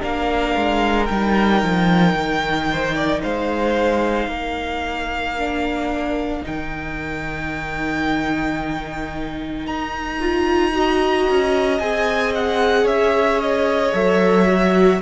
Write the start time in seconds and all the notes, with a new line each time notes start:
0.00 A#3 D4 A#4 F5
0.56 G#3
1.06 G3 D#4 G5
1.63 F3
2.14 D#3
2.72 C5
2.96 D5
3.23 G#3 C5 F5
4.27 A#3 A#4
5.38 D4
6.43 D#3 D#4 G5
9.67 D#4 A#5
10.20 F4
10.74 F#4 D#5
11.30 C#4
11.79 C4 G#4 G#5
12.35 F#5
12.84 C#4 C#5 E5
13.41 D#5
13.94 F#3 A4 E5
14.48 F#4